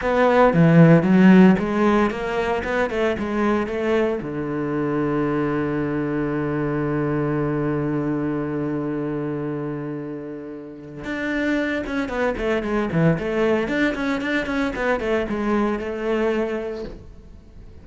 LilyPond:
\new Staff \with { instrumentName = "cello" } { \time 4/4 \tempo 4 = 114 b4 e4 fis4 gis4 | ais4 b8 a8 gis4 a4 | d1~ | d1~ |
d1~ | d4 d'4. cis'8 b8 a8 | gis8 e8 a4 d'8 cis'8 d'8 cis'8 | b8 a8 gis4 a2 | }